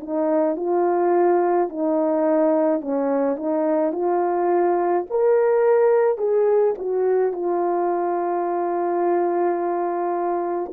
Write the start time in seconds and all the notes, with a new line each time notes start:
0.00 D#4
0.56 F4
1.69 D#4
2.81 C#4
3.36 D#4
3.92 F4
5.10 A#4
6.17 G#4
6.78 F#4
7.32 F4